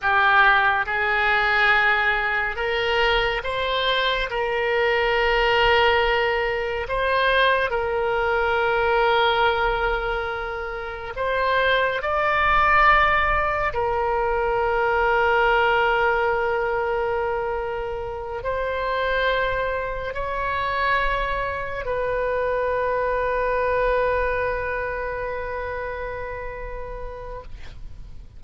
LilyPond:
\new Staff \with { instrumentName = "oboe" } { \time 4/4 \tempo 4 = 70 g'4 gis'2 ais'4 | c''4 ais'2. | c''4 ais'2.~ | ais'4 c''4 d''2 |
ais'1~ | ais'4. c''2 cis''8~ | cis''4. b'2~ b'8~ | b'1 | }